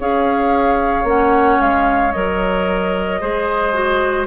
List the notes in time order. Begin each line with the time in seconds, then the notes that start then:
0.00 C#4 G#4 C#5 F5
1.04 A#3 C#4 F#5
1.61 G#3 F5
2.12 F#3 A#4 D#5
3.21 G#3 G#4 C5
3.74 F#4